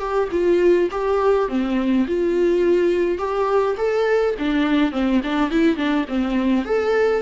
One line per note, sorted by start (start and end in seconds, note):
0.00 0.29 G4
0.32 0.90 F4
0.92 1.49 G4
1.49 2.07 C4
2.08 3.19 F4
3.19 3.76 G4
3.78 4.36 A4
4.39 4.92 D4
4.92 5.21 C4
5.24 5.51 D4
5.51 5.77 E4
5.77 6.06 D4
6.09 6.66 C4
6.66 7.22 A4